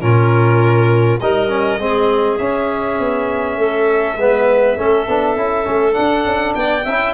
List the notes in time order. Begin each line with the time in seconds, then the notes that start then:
0.00 A#2 C#4 F4 A#4
1.19 G3 D#4 A#4 D#5
1.48 C#4
1.77 G#3 C4 G#4
2.37 C#4 E5
2.98 B3
3.57 A3 A4
4.16 G#3 B3 B4
4.76 A3 C#4 A4
5.08 B3 D4
5.36 C#4 E4
5.64 A3 C#4
5.93 D4 F#5
6.24 C#4
6.54 B3 D5 G5
6.84 C#4 E4 E5